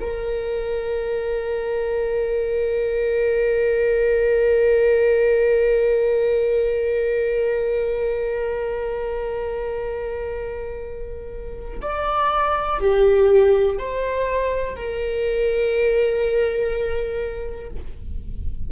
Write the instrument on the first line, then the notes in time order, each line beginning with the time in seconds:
viola
0.00 A#4
11.81 D5
12.79 G4
13.77 C5
14.75 A#4